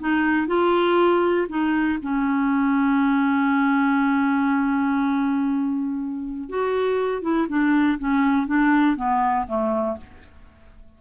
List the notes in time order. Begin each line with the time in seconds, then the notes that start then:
0.00 D#4
0.47 F4
1.49 D#4
2.02 C#4
6.49 F#4
7.22 E4
7.49 D4
7.99 C#4
8.47 D4
8.97 B3
9.47 A3